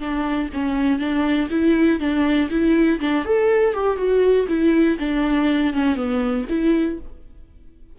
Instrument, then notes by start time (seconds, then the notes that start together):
viola
0.00 D4
0.54 C#4
0.99 D4
1.51 E4
2.00 D4
2.50 E4
3.00 D4
3.25 A4
3.74 G4
3.97 F#4
4.49 E4
4.99 D4
5.74 C#4
5.96 B3
6.49 E4